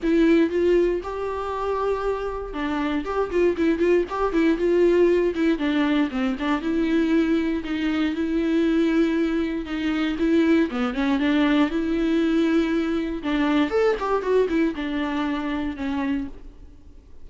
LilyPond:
\new Staff \with { instrumentName = "viola" } { \time 4/4 \tempo 4 = 118 e'4 f'4 g'2~ | g'4 d'4 g'8 f'8 e'8 f'8 | g'8 e'8 f'4. e'8 d'4 | c'8 d'8 e'2 dis'4 |
e'2. dis'4 | e'4 b8 cis'8 d'4 e'4~ | e'2 d'4 a'8 g'8 | fis'8 e'8 d'2 cis'4 | }